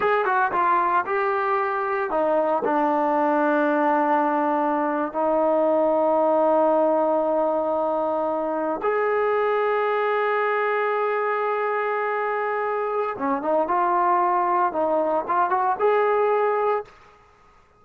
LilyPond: \new Staff \with { instrumentName = "trombone" } { \time 4/4 \tempo 4 = 114 gis'8 fis'8 f'4 g'2 | dis'4 d'2.~ | d'4.~ d'16 dis'2~ dis'16~ | dis'1~ |
dis'8. gis'2.~ gis'16~ | gis'1~ | gis'4 cis'8 dis'8 f'2 | dis'4 f'8 fis'8 gis'2 | }